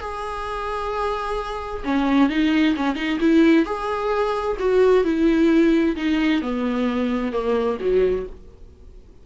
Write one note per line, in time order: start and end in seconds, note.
0.00 1.83 G#4
1.84 2.29 C#4
2.29 2.75 D#4
2.76 2.96 C#4
2.96 3.19 D#4
3.20 3.66 E4
3.66 4.57 G#4
4.60 5.04 F#4
5.04 5.96 E4
5.96 6.42 D#4
6.42 7.32 B3
7.32 7.78 A#3
7.80 8.26 F#3